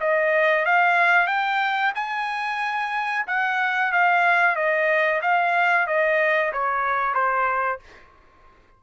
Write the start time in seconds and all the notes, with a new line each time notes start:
0.00 D#5
0.65 F5
1.27 G5
1.95 G#5
3.27 F#5
3.92 F5
4.56 D#5
5.21 F5
5.87 D#5
6.52 C#5
7.14 C5